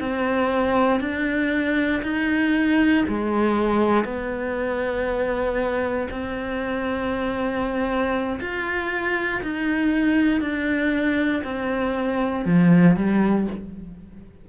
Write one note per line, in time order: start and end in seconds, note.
0.00 1.01 C4
1.01 2.02 D4
2.03 3.05 D#4
3.08 4.04 G#3
4.04 6.08 B3
6.11 8.40 C4
8.40 9.42 F4
9.43 10.41 D#4
10.41 11.43 D4
11.44 12.46 C4
12.46 12.97 F3
12.97 13.47 G3